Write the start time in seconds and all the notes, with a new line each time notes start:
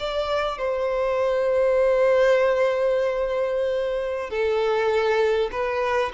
0.00 D5
0.58 C5
4.30 A4
5.52 B4